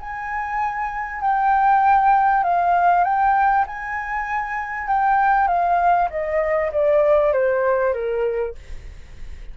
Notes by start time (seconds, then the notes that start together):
0.00 G#5
1.21 G5
2.44 F5
3.04 G5
3.67 G#5
4.88 G5
5.48 F5
6.10 D#5
6.72 D5
7.33 C5
7.94 A#4